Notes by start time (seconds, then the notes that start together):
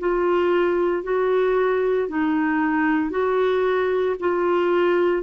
0.00 F4
1.04 F#4
2.09 D#4
3.11 F#4
4.20 F4